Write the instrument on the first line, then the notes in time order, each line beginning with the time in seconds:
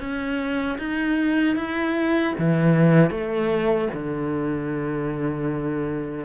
cello
0.00 C#4
0.79 D#4
1.56 E4
2.38 E3
3.11 A3
3.94 D3